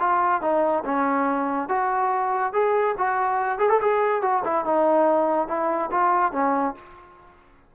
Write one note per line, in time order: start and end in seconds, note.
0.00 0.42 F4
0.42 0.84 D#4
0.85 1.69 C#4
1.69 2.53 F#4
2.53 2.96 G#4
2.98 3.59 F#4
3.59 3.70 G#4
3.70 3.80 A4
3.82 4.22 G#4
4.22 4.43 F#4
4.45 4.65 E4
4.65 5.48 D#4
5.48 5.91 E4
5.91 6.33 F4
6.33 6.75 C#4